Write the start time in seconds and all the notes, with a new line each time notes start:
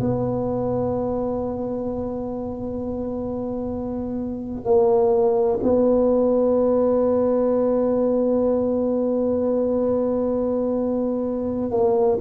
0.00 B3
4.65 A#3
5.63 B3
11.71 A#3